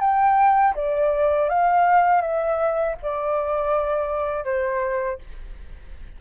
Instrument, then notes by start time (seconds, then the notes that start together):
flute
0.00 G5
0.75 D5
1.49 F5
2.21 E5
3.02 D5
4.44 C5